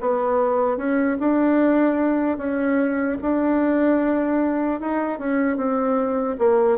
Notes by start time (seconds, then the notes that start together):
0.00 B3
0.77 C#4
1.20 D4
2.37 C#4
3.21 D4
4.80 D#4
5.19 C#4
5.56 C4
6.38 A#3